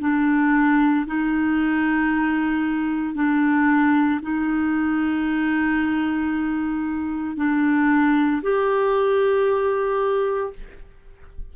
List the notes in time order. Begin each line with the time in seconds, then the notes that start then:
0.00 D4
1.06 D#4
3.15 D4
4.22 D#4
7.36 D4
8.42 G4